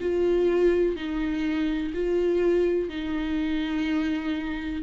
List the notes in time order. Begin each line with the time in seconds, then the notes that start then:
0.00 F4
0.95 D#4
1.94 F4
2.89 D#4